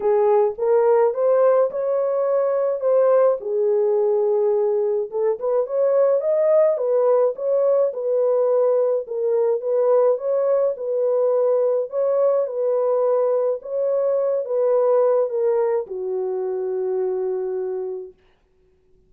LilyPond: \new Staff \with { instrumentName = "horn" } { \time 4/4 \tempo 4 = 106 gis'4 ais'4 c''4 cis''4~ | cis''4 c''4 gis'2~ | gis'4 a'8 b'8 cis''4 dis''4 | b'4 cis''4 b'2 |
ais'4 b'4 cis''4 b'4~ | b'4 cis''4 b'2 | cis''4. b'4. ais'4 | fis'1 | }